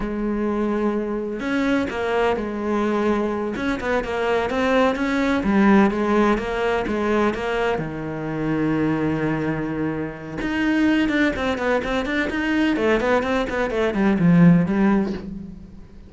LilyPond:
\new Staff \with { instrumentName = "cello" } { \time 4/4 \tempo 4 = 127 gis2. cis'4 | ais4 gis2~ gis8 cis'8 | b8 ais4 c'4 cis'4 g8~ | g8 gis4 ais4 gis4 ais8~ |
ais8 dis2.~ dis8~ | dis2 dis'4. d'8 | c'8 b8 c'8 d'8 dis'4 a8 b8 | c'8 b8 a8 g8 f4 g4 | }